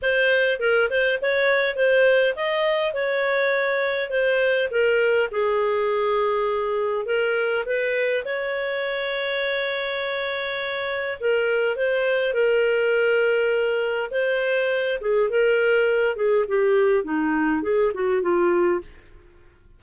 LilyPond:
\new Staff \with { instrumentName = "clarinet" } { \time 4/4 \tempo 4 = 102 c''4 ais'8 c''8 cis''4 c''4 | dis''4 cis''2 c''4 | ais'4 gis'2. | ais'4 b'4 cis''2~ |
cis''2. ais'4 | c''4 ais'2. | c''4. gis'8 ais'4. gis'8 | g'4 dis'4 gis'8 fis'8 f'4 | }